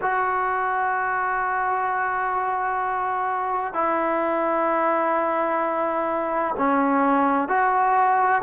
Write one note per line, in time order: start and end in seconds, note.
0.01 3.73 F#4
3.73 6.55 E4
6.57 7.48 C#4
7.48 8.42 F#4